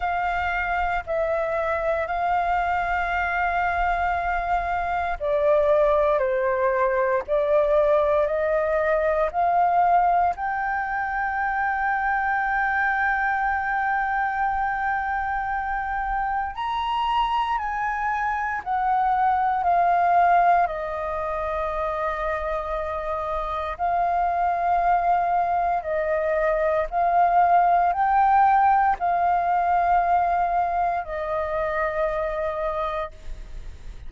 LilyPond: \new Staff \with { instrumentName = "flute" } { \time 4/4 \tempo 4 = 58 f''4 e''4 f''2~ | f''4 d''4 c''4 d''4 | dis''4 f''4 g''2~ | g''1 |
ais''4 gis''4 fis''4 f''4 | dis''2. f''4~ | f''4 dis''4 f''4 g''4 | f''2 dis''2 | }